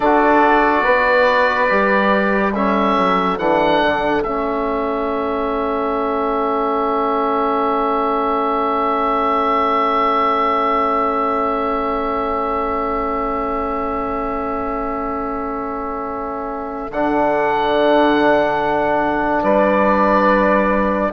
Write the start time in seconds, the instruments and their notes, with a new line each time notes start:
0.00 bassoon D4, trombone F#4, horn A4, oboe D5
0.83 bassoon B3, horn B4
1.69 bassoon G3, trombone G4
2.53 trombone C#4, horn A4, oboe E5
2.97 bassoon F#3
3.37 bassoon E3, trombone D4, oboe F#5
3.83 bassoon D3
4.23 bassoon A3, trombone C#4, oboe E5
16.90 bassoon D3, trombone D4, oboe F#5
19.42 bassoon G3, horn B4, oboe D5